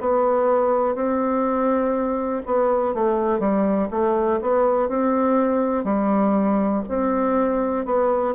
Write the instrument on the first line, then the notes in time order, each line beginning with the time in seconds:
bassoon
0.00 B3
0.94 C4
2.45 B3
2.94 A3
3.39 G3
3.90 A3
4.41 B3
4.88 C4
5.84 G3
6.88 C4
7.85 B3